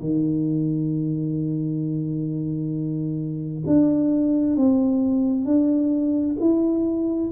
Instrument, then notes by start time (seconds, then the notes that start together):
tuba
0.00 D#3
3.66 D4
4.56 C4
5.45 D4
6.40 E4